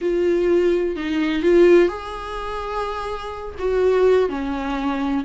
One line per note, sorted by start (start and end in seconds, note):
0.01 0.96 F4
0.96 1.42 D#4
1.42 1.88 F4
1.88 3.55 G#4
3.58 4.29 F#4
4.29 5.24 C#4